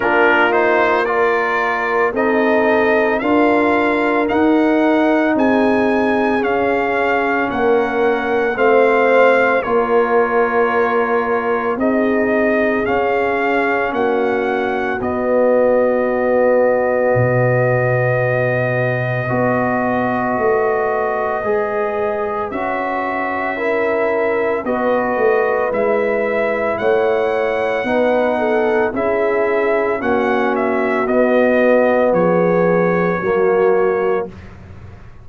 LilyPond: <<
  \new Staff \with { instrumentName = "trumpet" } { \time 4/4 \tempo 4 = 56 ais'8 c''8 d''4 dis''4 f''4 | fis''4 gis''4 f''4 fis''4 | f''4 cis''2 dis''4 | f''4 fis''4 dis''2~ |
dis''1~ | dis''4 e''2 dis''4 | e''4 fis''2 e''4 | fis''8 e''8 dis''4 cis''2 | }
  \new Staff \with { instrumentName = "horn" } { \time 4/4 f'4 ais'4 a'4 ais'4~ | ais'4 gis'2 ais'4 | c''4 ais'2 gis'4~ | gis'4 fis'2.~ |
fis'2 b'2~ | b'2 ais'4 b'4~ | b'4 cis''4 b'8 a'8 gis'4 | fis'2 gis'4 fis'4 | }
  \new Staff \with { instrumentName = "trombone" } { \time 4/4 d'8 dis'8 f'4 dis'4 f'4 | dis'2 cis'2 | c'4 f'2 dis'4 | cis'2 b2~ |
b2 fis'2 | gis'4 fis'4 e'4 fis'4 | e'2 dis'4 e'4 | cis'4 b2 ais4 | }
  \new Staff \with { instrumentName = "tuba" } { \time 4/4 ais2 c'4 d'4 | dis'4 c'4 cis'4 ais4 | a4 ais2 c'4 | cis'4 ais4 b2 |
b,2 b4 a4 | gis4 cis'2 b8 a8 | gis4 a4 b4 cis'4 | ais4 b4 f4 fis4 | }
>>